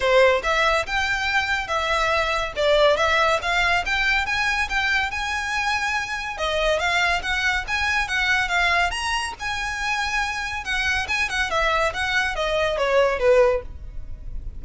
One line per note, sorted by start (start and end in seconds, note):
0.00 0.41 C5
0.43 0.85 E5
0.86 1.67 G5
1.67 2.52 E5
2.56 2.97 D5
2.97 3.39 E5
3.42 3.84 F5
3.85 4.26 G5
4.26 4.68 G#5
4.69 5.11 G5
5.11 6.37 G#5
6.37 6.79 D#5
6.79 7.21 F5
7.22 7.64 F#5
7.67 8.08 G#5
8.08 8.48 F#5
8.48 8.91 F5
8.91 9.33 A#5
9.39 10.64 G#5
10.64 11.06 F#5
11.08 11.29 G#5
11.29 11.50 F#5
11.50 11.93 E5
11.93 12.35 F#5
12.35 12.77 D#5
12.77 13.19 C#5
13.19 13.62 B4